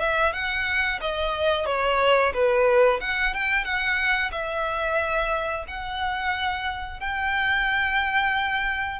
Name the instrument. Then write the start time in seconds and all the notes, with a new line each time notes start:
violin
0.00 E5
0.33 F#5
1.01 D#5
1.66 C#5
2.34 B4
3.01 F#5
3.34 G5
3.65 F#5
4.32 E5
5.68 F#5
7.00 G5